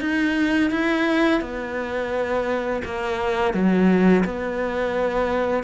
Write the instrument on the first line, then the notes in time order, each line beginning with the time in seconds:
cello
0.00 D#4
0.70 E4
1.41 B3
2.85 A#3
3.54 F#3
4.24 B3